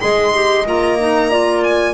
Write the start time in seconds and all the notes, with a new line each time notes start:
0.00 G#3 G#4 D#5 C6
0.34 G4
0.66 A#3 F4 A#5
1.00 D#4
1.31 F4 D5
1.64 G#5